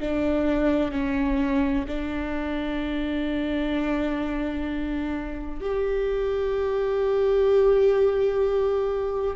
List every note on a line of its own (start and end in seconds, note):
0.00 0.92 D4
0.92 1.85 C#4
1.87 5.60 D4
5.60 9.35 G4